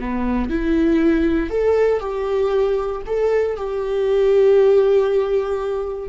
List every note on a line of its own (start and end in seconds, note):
0.00 0.50 B3
0.50 1.50 E4
1.50 2.01 A4
2.01 3.02 G4
3.07 3.57 A4
3.57 6.10 G4